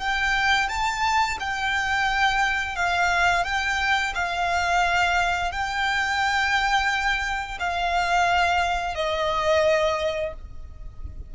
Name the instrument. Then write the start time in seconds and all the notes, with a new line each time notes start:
violin
0.00 G5
0.69 A5
1.40 G5
2.76 F5
3.45 G5
4.15 F5
5.51 G5
7.60 F5
8.95 D#5